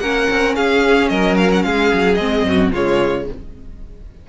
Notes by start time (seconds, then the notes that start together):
0.00 A#3 C#4 A#4 F#5
0.31 C4
0.56 C#4 G#4 F5
1.09 F#3 A#4 D#5
1.38 F5
1.52 F#5
1.63 G#3 G#4 F5
1.93 F#3
2.15 G#3 C4 D#5
2.44 F#2 F#4
2.72 C#3 G#3 F4 C#5